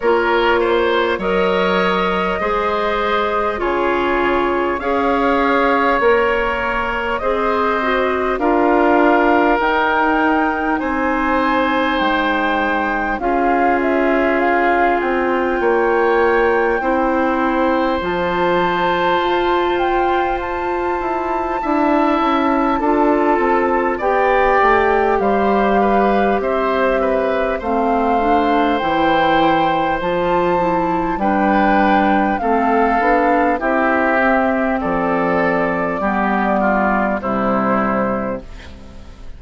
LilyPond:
<<
  \new Staff \with { instrumentName = "flute" } { \time 4/4 \tempo 4 = 50 cis''4 dis''2 cis''4 | f''4 cis''4 dis''4 f''4 | g''4 gis''4 g''4 f''8 e''8 | f''8 g''2~ g''8 a''4~ |
a''8 g''8 a''2. | g''4 f''4 e''4 f''4 | g''4 a''4 g''4 f''4 | e''4 d''2 c''4 | }
  \new Staff \with { instrumentName = "oboe" } { \time 4/4 ais'8 c''8 cis''4 c''4 gis'4 | cis''2 c''4 ais'4~ | ais'4 c''2 gis'4~ | gis'4 cis''4 c''2~ |
c''2 e''4 a'4 | d''4 c''8 b'8 c''8 b'8 c''4~ | c''2 b'4 a'4 | g'4 a'4 g'8 f'8 e'4 | }
  \new Staff \with { instrumentName = "clarinet" } { \time 4/4 f'4 ais'4 gis'4 f'4 | gis'4 ais'4 gis'8 fis'8 f'4 | dis'2. f'4~ | f'2 e'4 f'4~ |
f'2 e'4 f'4 | g'2. c'8 d'8 | e'4 f'8 e'8 d'4 c'8 d'8 | e'8 c'4. b4 g4 | }
  \new Staff \with { instrumentName = "bassoon" } { \time 4/4 ais4 fis4 gis4 cis4 | cis'4 ais4 c'4 d'4 | dis'4 c'4 gis4 cis'4~ | cis'8 c'8 ais4 c'4 f4 |
f'4. e'8 d'8 cis'8 d'8 c'8 | b8 a8 g4 c'4 a4 | e4 f4 g4 a8 b8 | c'4 f4 g4 c4 | }
>>